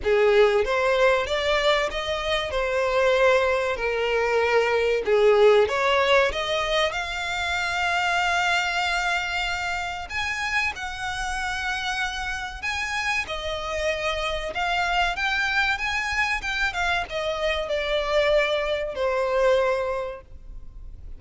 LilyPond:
\new Staff \with { instrumentName = "violin" } { \time 4/4 \tempo 4 = 95 gis'4 c''4 d''4 dis''4 | c''2 ais'2 | gis'4 cis''4 dis''4 f''4~ | f''1 |
gis''4 fis''2. | gis''4 dis''2 f''4 | g''4 gis''4 g''8 f''8 dis''4 | d''2 c''2 | }